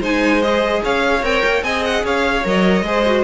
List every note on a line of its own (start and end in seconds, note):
0.00 0.81 G#3
0.00 0.41 D#4
0.00 0.81 C5
0.00 0.42 G#5
0.41 1.22 G#4
0.41 0.82 D#5
0.83 1.22 C#4
0.83 1.64 C#5
0.83 1.24 F5
1.22 1.42 C4
1.22 1.63 A#4
1.22 1.63 G5
1.44 1.62 A#3
1.62 2.03 C4
1.62 2.43 G#4
1.62 2.04 D#5
1.62 1.83 G#5
1.85 2.05 F#5
2.04 2.44 C#4
2.04 2.85 C#5
2.04 2.46 F5
2.44 2.82 F#3
2.44 2.84 A#4
2.44 3.24 D#5
2.82 3.22 G#3
2.82 3.05 G#4
2.82 3.24 C5
3.06 3.24 F#4